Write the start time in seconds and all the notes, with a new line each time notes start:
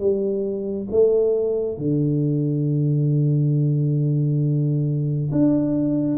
0.00 G3
0.91 A3
1.78 D3
5.32 D4